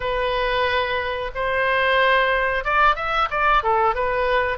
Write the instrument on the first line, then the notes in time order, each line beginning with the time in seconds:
oboe
0.00 B4
1.35 C5
2.64 D5
2.95 E5
3.30 D5
3.63 A4
3.94 B4